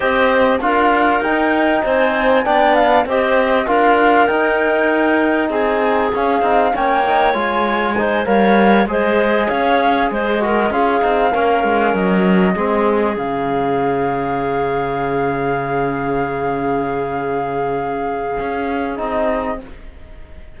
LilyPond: <<
  \new Staff \with { instrumentName = "flute" } { \time 4/4 \tempo 4 = 98 dis''4 f''4 g''4 gis''4 | g''8 f''8 dis''4 f''4 g''4~ | g''4 gis''4 f''4 g''4 | gis''4. f''4 dis''4 f''8~ |
f''8 dis''4 f''2 dis''8~ | dis''4. f''2~ f''8~ | f''1~ | f''2. dis''4 | }
  \new Staff \with { instrumentName = "clarinet" } { \time 4/4 c''4 ais'2 c''4 | d''4 c''4 ais'2~ | ais'4 gis'2 cis''4~ | cis''4 c''8 cis''4 c''4 cis''8~ |
cis''8 c''8 ais'8 gis'4 ais'4.~ | ais'8 gis'2.~ gis'8~ | gis'1~ | gis'1 | }
  \new Staff \with { instrumentName = "trombone" } { \time 4/4 g'4 f'4 dis'2 | d'4 g'4 f'4 dis'4~ | dis'2 cis'8 dis'8 cis'8 dis'8 | f'4 dis'8 ais'4 gis'4.~ |
gis'4 fis'8 f'8 dis'8 cis'4.~ | cis'8 c'4 cis'2~ cis'8~ | cis'1~ | cis'2. dis'4 | }
  \new Staff \with { instrumentName = "cello" } { \time 4/4 c'4 d'4 dis'4 c'4 | b4 c'4 d'4 dis'4~ | dis'4 c'4 cis'8 c'8 ais4 | gis4. g4 gis4 cis'8~ |
cis'8 gis4 cis'8 c'8 ais8 gis8 fis8~ | fis8 gis4 cis2~ cis8~ | cis1~ | cis2 cis'4 c'4 | }
>>